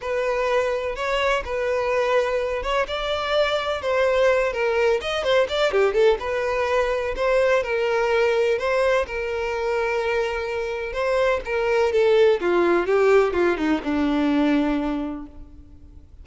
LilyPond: \new Staff \with { instrumentName = "violin" } { \time 4/4 \tempo 4 = 126 b'2 cis''4 b'4~ | b'4. cis''8 d''2 | c''4. ais'4 dis''8 c''8 d''8 | g'8 a'8 b'2 c''4 |
ais'2 c''4 ais'4~ | ais'2. c''4 | ais'4 a'4 f'4 g'4 | f'8 dis'8 d'2. | }